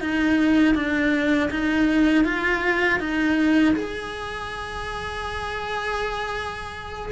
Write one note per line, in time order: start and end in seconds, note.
0.00 0.74 D#4
0.74 1.49 D4
1.50 2.24 D#4
2.24 2.99 F4
2.99 3.74 D#4
3.75 7.11 G#4